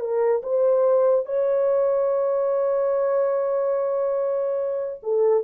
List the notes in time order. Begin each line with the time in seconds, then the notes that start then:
0.00 A#4
0.43 C5
1.26 C#5
5.03 A4